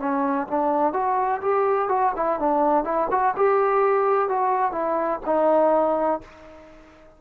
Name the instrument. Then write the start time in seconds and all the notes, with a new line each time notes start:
trombone
0.00 C#4
0.48 D4
0.94 F#4
1.42 G4
1.89 F#4
2.16 E4
2.40 D4
2.84 E4
3.11 F#4
3.36 G4
4.29 F#4
4.72 E4
5.26 D#4